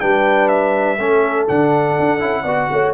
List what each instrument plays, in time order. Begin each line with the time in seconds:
0.00 tuba G3, trombone D4, horn B4, trumpet G5
0.49 trumpet E5
0.99 tuba A3, trombone C#4, horn A4
1.48 tuba D3, trombone D4, trumpet F#5
2.00 tuba D4
2.20 tuba C#4, trombone E4
2.43 tuba B3, trombone F#4, horn D5
2.72 tuba A3, horn C#5